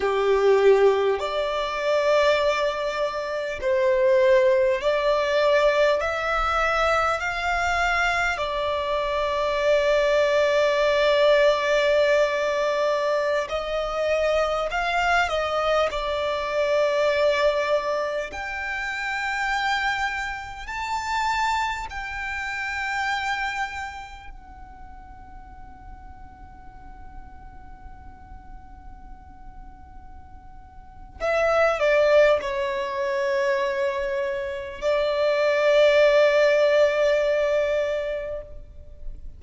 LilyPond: \new Staff \with { instrumentName = "violin" } { \time 4/4 \tempo 4 = 50 g'4 d''2 c''4 | d''4 e''4 f''4 d''4~ | d''2.~ d''16 dis''8.~ | dis''16 f''8 dis''8 d''2 g''8.~ |
g''4~ g''16 a''4 g''4.~ g''16~ | g''16 fis''2.~ fis''8.~ | fis''2 e''8 d''8 cis''4~ | cis''4 d''2. | }